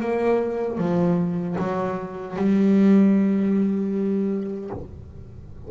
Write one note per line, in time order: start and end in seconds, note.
0.00 0.78 A#3
0.78 1.55 F3
1.58 2.36 F#3
2.36 4.70 G3